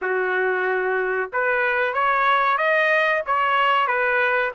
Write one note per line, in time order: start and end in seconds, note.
0.01 1.30 F#4
1.32 1.93 B4
1.93 2.57 C#5
2.57 3.22 D#5
3.26 3.87 C#5
3.87 4.51 B4